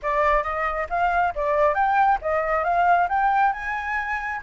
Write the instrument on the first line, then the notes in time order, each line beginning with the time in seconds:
flute
0.02 D5
0.43 D#5
0.89 F5
1.35 D5
1.74 G5
2.21 D#5
2.64 F5
3.08 G5
3.52 G#5